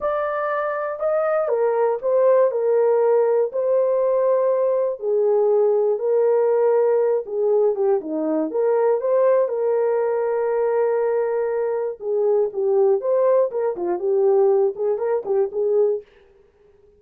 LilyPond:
\new Staff \with { instrumentName = "horn" } { \time 4/4 \tempo 4 = 120 d''2 dis''4 ais'4 | c''4 ais'2 c''4~ | c''2 gis'2 | ais'2~ ais'8 gis'4 g'8 |
dis'4 ais'4 c''4 ais'4~ | ais'1 | gis'4 g'4 c''4 ais'8 f'8 | g'4. gis'8 ais'8 g'8 gis'4 | }